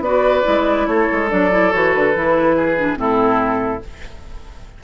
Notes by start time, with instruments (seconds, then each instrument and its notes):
0.00 bassoon B3, clarinet F#4, oboe B4, flute D5
0.43 bassoon G#3, clarinet E4
0.87 bassoon A3, oboe A4, flute C#5
1.12 bassoon G#3
1.29 bassoon F#3, clarinet D4, flute D5
1.51 clarinet E4
1.72 bassoon E3, clarinet F#4, flute C#5
1.93 bassoon D3, flute B4
2.15 bassoon E3, clarinet E4
2.56 oboe G#4
2.77 clarinet D4
2.96 bassoon A2, clarinet C4, oboe E4, flute A4